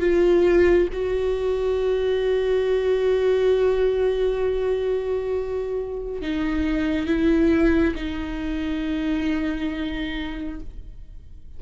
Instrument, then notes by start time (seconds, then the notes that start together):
viola
0.00 F4
0.93 F#4
6.22 D#4
7.06 E4
7.95 D#4